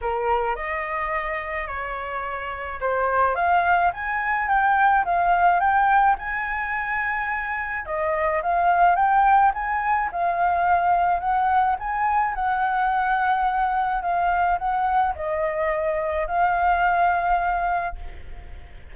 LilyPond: \new Staff \with { instrumentName = "flute" } { \time 4/4 \tempo 4 = 107 ais'4 dis''2 cis''4~ | cis''4 c''4 f''4 gis''4 | g''4 f''4 g''4 gis''4~ | gis''2 dis''4 f''4 |
g''4 gis''4 f''2 | fis''4 gis''4 fis''2~ | fis''4 f''4 fis''4 dis''4~ | dis''4 f''2. | }